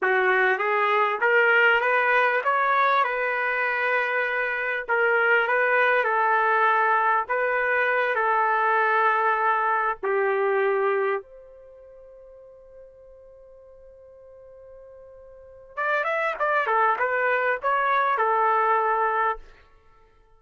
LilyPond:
\new Staff \with { instrumentName = "trumpet" } { \time 4/4 \tempo 4 = 99 fis'4 gis'4 ais'4 b'4 | cis''4 b'2. | ais'4 b'4 a'2 | b'4. a'2~ a'8~ |
a'8 g'2 c''4.~ | c''1~ | c''2 d''8 e''8 d''8 a'8 | b'4 cis''4 a'2 | }